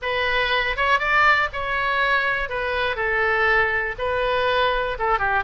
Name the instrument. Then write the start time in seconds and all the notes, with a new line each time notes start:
oboe
0.01 B4
0.76 C#5
0.99 D5
1.52 C#5
2.49 B4
2.95 A4
3.98 B4
4.99 A4
5.18 G4